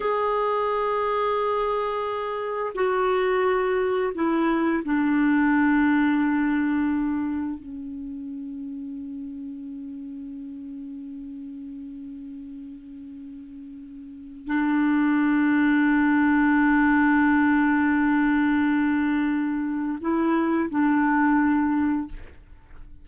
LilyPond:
\new Staff \with { instrumentName = "clarinet" } { \time 4/4 \tempo 4 = 87 gis'1 | fis'2 e'4 d'4~ | d'2. cis'4~ | cis'1~ |
cis'1~ | cis'4 d'2.~ | d'1~ | d'4 e'4 d'2 | }